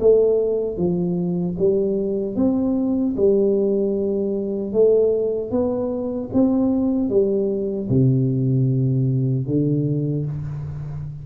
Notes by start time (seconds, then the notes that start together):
0.00 A3
0.78 F3
1.59 G3
2.36 C4
3.17 G3
4.73 A3
5.51 B3
6.33 C4
7.09 G3
7.90 C3
9.47 D3